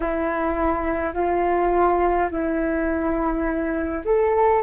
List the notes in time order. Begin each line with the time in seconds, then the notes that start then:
0.00 E4
1.13 F4
2.30 E4
4.04 A4